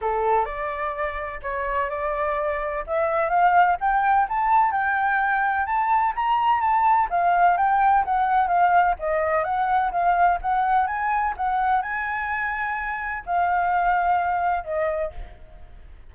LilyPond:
\new Staff \with { instrumentName = "flute" } { \time 4/4 \tempo 4 = 127 a'4 d''2 cis''4 | d''2 e''4 f''4 | g''4 a''4 g''2 | a''4 ais''4 a''4 f''4 |
g''4 fis''4 f''4 dis''4 | fis''4 f''4 fis''4 gis''4 | fis''4 gis''2. | f''2. dis''4 | }